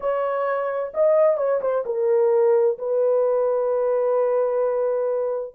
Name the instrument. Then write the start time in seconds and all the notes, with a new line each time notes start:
horn
0.00 C#5
0.94 D#5
1.37 C#5
1.61 C5
1.85 A#4
2.78 B4